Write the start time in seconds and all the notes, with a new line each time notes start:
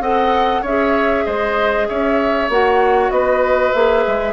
0.00 C4 A4 D#5 F#5
0.62 C#4 G#4 C#5 E5
1.25 G#3 C5 D#5
1.88 C#4 C#5 E5
2.49 A#3 F#4 F#5
3.10 B3 B4 D#5
3.73 A#3 G#4 E5
4.07 G#3